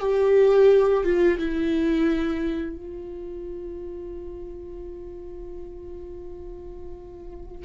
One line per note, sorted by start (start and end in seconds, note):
0.00 1.04 G4
1.04 1.39 F4
1.39 2.77 E4
2.77 7.66 F4